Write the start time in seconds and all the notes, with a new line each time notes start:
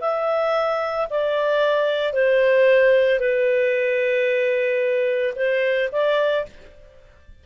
0.00 E5
1.10 D5
2.13 C5
3.19 B4
5.36 C5
5.92 D5